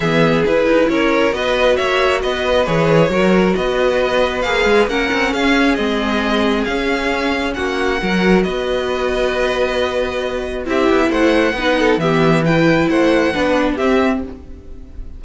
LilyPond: <<
  \new Staff \with { instrumentName = "violin" } { \time 4/4 \tempo 4 = 135 e''4 b'4 cis''4 dis''4 | e''4 dis''4 cis''2 | dis''2 f''4 fis''4 | f''4 dis''2 f''4~ |
f''4 fis''2 dis''4~ | dis''1 | e''4 fis''2 e''4 | g''4 fis''2 e''4 | }
  \new Staff \with { instrumentName = "violin" } { \time 4/4 gis'2 ais'4 b'4 | cis''4 b'2 ais'4 | b'2. ais'4 | gis'1~ |
gis'4 fis'4 ais'4 b'4~ | b'1 | g'4 c''4 b'8 a'8 g'4 | b'4 c''4 b'4 g'4 | }
  \new Staff \with { instrumentName = "viola" } { \time 4/4 b4 e'2 fis'4~ | fis'2 gis'4 fis'4~ | fis'2 gis'4 cis'4~ | cis'4 c'2 cis'4~ |
cis'2 fis'2~ | fis'1 | e'2 dis'4 b4 | e'2 d'4 c'4 | }
  \new Staff \with { instrumentName = "cello" } { \time 4/4 e4 e'8 dis'8 cis'4 b4 | ais4 b4 e4 fis4 | b2 ais8 gis8 ais8 c'8 | cis'4 gis2 cis'4~ |
cis'4 ais4 fis4 b4~ | b1 | c'8 b8 a4 b4 e4~ | e4 a4 b4 c'4 | }
>>